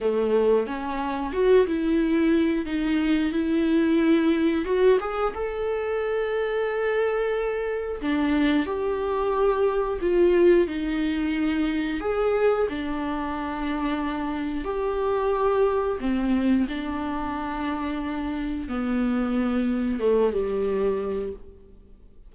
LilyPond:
\new Staff \with { instrumentName = "viola" } { \time 4/4 \tempo 4 = 90 a4 cis'4 fis'8 e'4. | dis'4 e'2 fis'8 gis'8 | a'1 | d'4 g'2 f'4 |
dis'2 gis'4 d'4~ | d'2 g'2 | c'4 d'2. | b2 a8 g4. | }